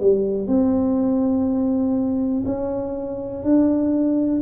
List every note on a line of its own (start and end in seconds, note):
0.00 0.47 G3
0.47 2.44 C4
2.45 3.43 C#4
3.43 4.41 D4